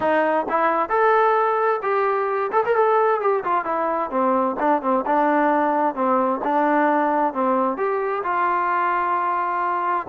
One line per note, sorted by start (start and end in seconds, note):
0.00 0.46 D#4
0.49 0.89 E4
0.89 1.80 A4
1.82 2.51 G4
2.52 2.63 A4
2.65 2.75 A#4
2.75 3.20 A4
3.20 3.43 G4
3.44 3.65 F4
3.65 4.10 E4
4.10 4.56 C4
4.59 4.82 D4
4.82 5.04 C4
5.06 5.94 D4
5.94 6.40 C4
6.44 7.33 D4
7.33 7.77 C4
7.77 8.23 G4
8.23 10.06 F4